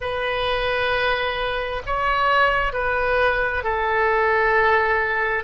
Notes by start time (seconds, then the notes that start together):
0.00 B4
1.86 C#5
2.72 B4
3.63 A4